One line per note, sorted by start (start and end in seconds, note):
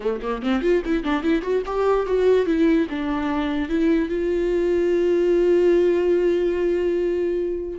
0.00 0.20 A3
0.22 0.42 A#3
0.42 0.61 C4
0.61 0.82 F4
0.85 1.03 E4
1.03 1.23 D4
1.23 1.42 E4
1.42 1.62 F#4
1.66 2.06 G4
2.06 2.46 F#4
2.46 2.87 E4
2.89 3.69 D4
3.69 4.08 E4
4.08 7.78 F4